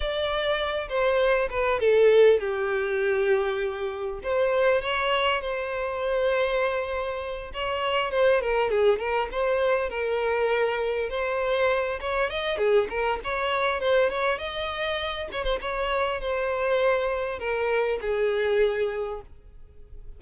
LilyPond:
\new Staff \with { instrumentName = "violin" } { \time 4/4 \tempo 4 = 100 d''4. c''4 b'8 a'4 | g'2. c''4 | cis''4 c''2.~ | c''8 cis''4 c''8 ais'8 gis'8 ais'8 c''8~ |
c''8 ais'2 c''4. | cis''8 dis''8 gis'8 ais'8 cis''4 c''8 cis''8 | dis''4. cis''16 c''16 cis''4 c''4~ | c''4 ais'4 gis'2 | }